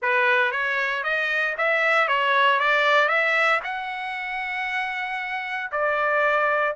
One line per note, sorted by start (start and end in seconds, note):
0.01 0.51 B4
0.51 1.03 C#5
1.03 1.55 D#5
1.57 2.08 E5
2.08 2.59 C#5
2.59 3.08 D5
3.08 3.60 E5
3.63 5.70 F#5
5.71 6.75 D5